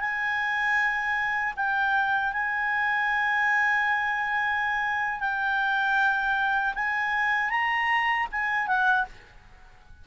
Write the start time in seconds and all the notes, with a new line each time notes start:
0.00 G#5
1.56 G5
2.33 G#5
5.20 G5
6.75 G#5
7.50 A#5
8.31 G#5
8.67 F#5